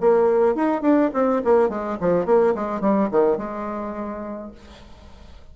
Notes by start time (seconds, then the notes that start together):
0.00 A#3
0.55 D#4
0.81 D4
1.13 C4
1.44 A#3
1.69 G#3
2.00 F3
2.25 A#3
2.54 G#3
2.80 G3
3.11 D#3
3.37 G#3